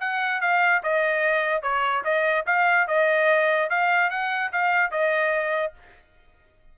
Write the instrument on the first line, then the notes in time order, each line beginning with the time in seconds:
trumpet
0.00 F#5
0.41 F5
0.83 D#5
1.62 C#5
2.04 D#5
2.46 F5
2.87 D#5
3.70 F5
4.10 F#5
4.52 F5
4.91 D#5